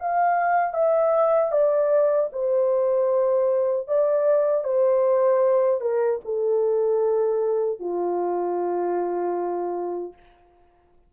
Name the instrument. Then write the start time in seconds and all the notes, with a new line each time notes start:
horn
0.00 F5
0.74 E5
1.52 D5
2.33 C5
3.88 D5
4.64 C5
5.81 A#4
6.25 A4
7.80 F4